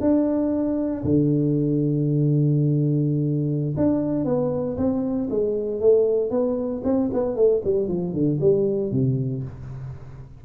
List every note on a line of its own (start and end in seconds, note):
0.00 1.03 D4
1.03 3.75 D3
3.77 4.25 D4
4.25 4.76 B3
4.77 5.29 C4
5.29 5.80 G#3
5.80 6.30 A3
6.30 6.82 B3
6.84 7.10 C4
7.13 7.36 B3
7.36 7.62 A3
7.64 7.88 G3
7.88 8.13 F3
8.13 8.39 D3
8.40 8.91 G3
8.91 9.43 C3